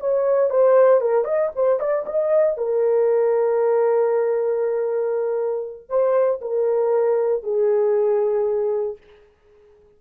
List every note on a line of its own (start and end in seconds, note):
0.00 0.50 C#5
0.50 1.01 C5
1.01 1.24 A#4
1.24 1.50 D#5
1.55 1.79 C5
1.79 2.05 D5
2.06 2.57 D#5
2.57 5.89 A#4
5.89 6.41 C5
6.41 7.43 A#4
7.43 8.97 G#4